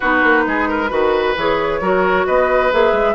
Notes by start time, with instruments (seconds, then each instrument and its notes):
0.00 bassoon B3, clarinet D#4, oboe F#4, flute B4
0.23 bassoon A#3
0.46 bassoon G#3, oboe G#4
0.68 oboe A#4
0.89 bassoon D#3, clarinet F#4, oboe B4
1.36 bassoon E3, clarinet G#4, flute C#5
1.81 bassoon F#3, clarinet F#4, oboe A#4
2.26 bassoon B3, oboe B4, flute D#5
2.71 bassoon A#3, clarinet G#4, flute E5
2.92 bassoon G#3